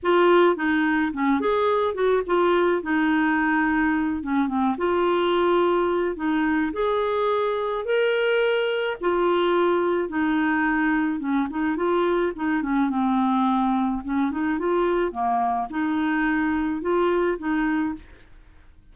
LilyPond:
\new Staff \with { instrumentName = "clarinet" } { \time 4/4 \tempo 4 = 107 f'4 dis'4 cis'8 gis'4 fis'8 | f'4 dis'2~ dis'8 cis'8 | c'8 f'2~ f'8 dis'4 | gis'2 ais'2 |
f'2 dis'2 | cis'8 dis'8 f'4 dis'8 cis'8 c'4~ | c'4 cis'8 dis'8 f'4 ais4 | dis'2 f'4 dis'4 | }